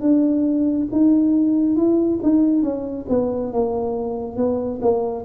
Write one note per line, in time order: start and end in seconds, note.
0.00 0.87 D4
0.91 1.75 D#4
1.75 2.19 E4
2.22 2.62 D#4
2.62 3.06 C#4
3.09 3.52 B3
3.52 4.36 A#3
4.36 4.80 B3
4.81 5.25 A#3